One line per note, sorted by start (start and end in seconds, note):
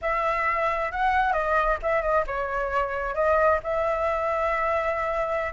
0.01 0.91 E5
0.91 1.32 F#5
1.32 1.78 D#5
1.82 2.01 E5
2.01 2.24 D#5
2.27 3.14 C#5
3.14 3.59 D#5
3.63 5.52 E5